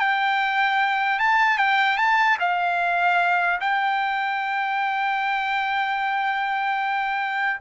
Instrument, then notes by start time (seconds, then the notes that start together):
trumpet
0.00 G5
1.19 A5
1.59 G5
1.98 A5
2.40 F5
3.61 G5